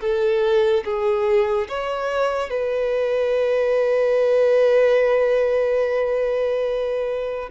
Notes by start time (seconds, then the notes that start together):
0.00 A4
0.84 G#4
1.68 C#5
2.50 B4